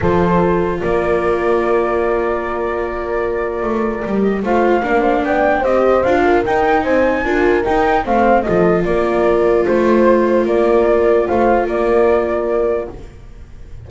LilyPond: <<
  \new Staff \with { instrumentName = "flute" } { \time 4/4 \tempo 4 = 149 c''2 d''2~ | d''1~ | d''2~ d''8 dis''8 f''4~ | f''4 g''4 dis''4 f''4 |
g''4 gis''2 g''4 | f''4 dis''4 d''2 | c''2 d''2 | f''4 d''2. | }
  \new Staff \with { instrumentName = "horn" } { \time 4/4 a'2 ais'2~ | ais'1~ | ais'2. c''4 | ais'8 c''8 d''4 c''4. ais'8~ |
ais'4 c''4 ais'2 | c''4 a'4 ais'2 | c''2 ais'2 | c''4 ais'2. | }
  \new Staff \with { instrumentName = "viola" } { \time 4/4 f'1~ | f'1~ | f'2 g'4 f'4 | d'2 g'4 f'4 |
dis'2 f'4 dis'4 | c'4 f'2.~ | f'1~ | f'1 | }
  \new Staff \with { instrumentName = "double bass" } { \time 4/4 f2 ais2~ | ais1~ | ais4 a4 g4 a4 | ais4 b4 c'4 d'4 |
dis'4 c'4 d'4 dis'4 | a4 f4 ais2 | a2 ais2 | a4 ais2. | }
>>